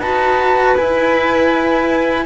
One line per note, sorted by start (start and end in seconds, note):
0.00 0.75 D#4
0.00 0.78 F#4
0.00 2.25 B4
0.00 0.76 A5
0.77 2.26 E4
0.77 2.26 G#5